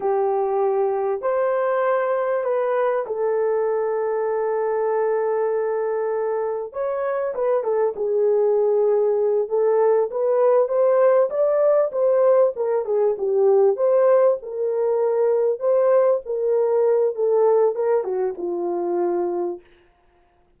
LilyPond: \new Staff \with { instrumentName = "horn" } { \time 4/4 \tempo 4 = 98 g'2 c''2 | b'4 a'2.~ | a'2. cis''4 | b'8 a'8 gis'2~ gis'8 a'8~ |
a'8 b'4 c''4 d''4 c''8~ | c''8 ais'8 gis'8 g'4 c''4 ais'8~ | ais'4. c''4 ais'4. | a'4 ais'8 fis'8 f'2 | }